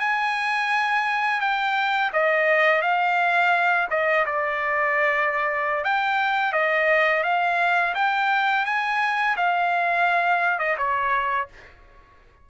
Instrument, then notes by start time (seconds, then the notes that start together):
trumpet
0.00 G#5
1.41 G5
2.13 D#5
2.82 F5
3.90 D#5
4.26 D5
5.84 G5
6.53 D#5
7.24 F5
7.95 G5
8.66 G#5
9.37 F5
10.59 D#5
10.78 C#5